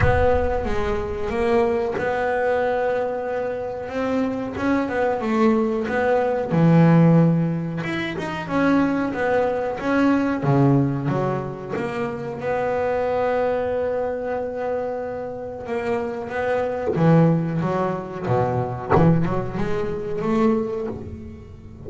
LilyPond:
\new Staff \with { instrumentName = "double bass" } { \time 4/4 \tempo 4 = 92 b4 gis4 ais4 b4~ | b2 c'4 cis'8 b8 | a4 b4 e2 | e'8 dis'8 cis'4 b4 cis'4 |
cis4 fis4 ais4 b4~ | b1 | ais4 b4 e4 fis4 | b,4 e8 fis8 gis4 a4 | }